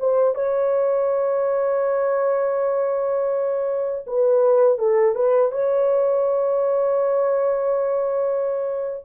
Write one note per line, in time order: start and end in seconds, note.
0.00 0.35 C5
0.35 4.05 C#5
4.07 4.78 B4
4.78 5.15 A4
5.15 5.52 B4
5.52 9.04 C#5